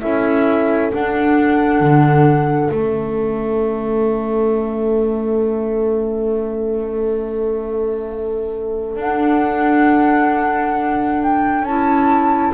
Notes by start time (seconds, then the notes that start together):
0.00 C#4 E4 A4 E5
0.92 D4 F#5
1.80 D3
2.69 A3 C#4 E5
8.96 D4 F#5
11.23 G5
11.62 C#4 E4 A5